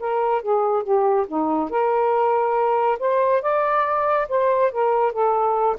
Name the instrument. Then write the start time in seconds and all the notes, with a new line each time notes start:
saxophone
0.00 A#4
0.42 G#4
0.84 G4
1.28 D#4
1.71 A#4
3.00 C5
3.42 D5
4.29 C5
4.72 A#4
5.13 A4